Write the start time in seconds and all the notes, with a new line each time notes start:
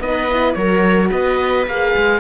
0.00 B3 D#4 B4 D#5
0.30 E4
0.53 F#3 F#4 A#4 C#5
1.09 B3 B4 D#5
1.67 A#3 G#4 F5
1.96 G#3